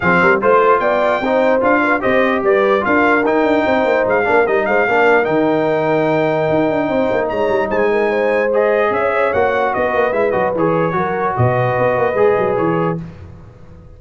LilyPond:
<<
  \new Staff \with { instrumentName = "trumpet" } { \time 4/4 \tempo 4 = 148 f''4 c''4 g''2 | f''4 dis''4 d''4 f''4 | g''2 f''4 dis''8 f''8~ | f''4 g''2.~ |
g''2 ais''4 gis''4~ | gis''4 dis''4 e''4 fis''4 | dis''4 e''8 dis''8 cis''2 | dis''2. cis''4 | }
  \new Staff \with { instrumentName = "horn" } { \time 4/4 gis'8 ais'8 c''4 d''4 c''4~ | c''8 b'8 c''4 b'4 ais'4~ | ais'4 c''4. ais'4 c''8 | ais'1~ |
ais'4 c''4 cis''4 c''8 ais'8 | c''2 cis''2 | b'2. ais'4 | b'1 | }
  \new Staff \with { instrumentName = "trombone" } { \time 4/4 c'4 f'2 dis'4 | f'4 g'2 f'4 | dis'2~ dis'8 d'8 dis'4 | d'4 dis'2.~ |
dis'1~ | dis'4 gis'2 fis'4~ | fis'4 e'8 fis'8 gis'4 fis'4~ | fis'2 gis'2 | }
  \new Staff \with { instrumentName = "tuba" } { \time 4/4 f8 g8 a4 b4 c'4 | d'4 c'4 g4 d'4 | dis'8 d'8 c'8 ais8 gis8 ais8 g8 gis8 | ais4 dis2. |
dis'8 d'8 c'8 ais8 gis8 g8 gis4~ | gis2 cis'4 ais4 | b8 ais8 gis8 fis8 e4 fis4 | b,4 b8 ais8 gis8 fis8 e4 | }
>>